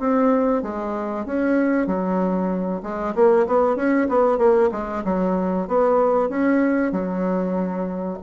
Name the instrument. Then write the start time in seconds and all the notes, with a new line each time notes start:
bassoon
0.00 C4
0.63 G#3
1.26 C#4
1.87 F#3
2.83 G#3
3.15 A#3
3.47 B3
3.76 C#4
4.09 B3
4.38 A#3
4.72 G#3
5.05 F#3
5.68 B3
6.30 C#4
6.92 F#3